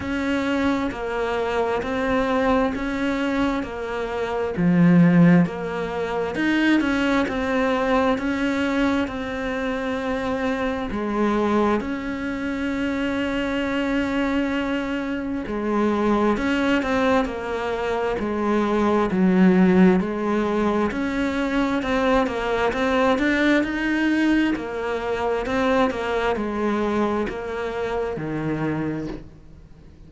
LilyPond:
\new Staff \with { instrumentName = "cello" } { \time 4/4 \tempo 4 = 66 cis'4 ais4 c'4 cis'4 | ais4 f4 ais4 dis'8 cis'8 | c'4 cis'4 c'2 | gis4 cis'2.~ |
cis'4 gis4 cis'8 c'8 ais4 | gis4 fis4 gis4 cis'4 | c'8 ais8 c'8 d'8 dis'4 ais4 | c'8 ais8 gis4 ais4 dis4 | }